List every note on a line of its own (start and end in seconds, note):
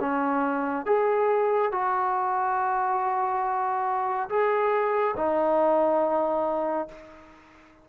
0.00 0.86 C#4
0.86 1.71 G#4
1.72 4.29 F#4
4.29 5.15 G#4
5.17 6.88 D#4